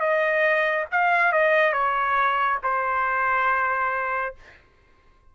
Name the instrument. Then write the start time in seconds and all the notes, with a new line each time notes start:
trumpet
0.00 D#5
0.92 F5
1.32 D#5
1.73 C#5
2.63 C5